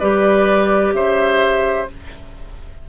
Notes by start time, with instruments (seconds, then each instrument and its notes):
0.00 bassoon G3, clarinet G4, oboe B4, flute D5
0.94 bassoon C#3, oboe C5, flute E5